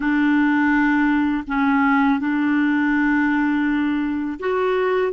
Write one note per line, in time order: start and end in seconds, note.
0.00 1.43 D4
1.47 2.20 C#4
2.20 4.39 D4
4.39 5.12 F#4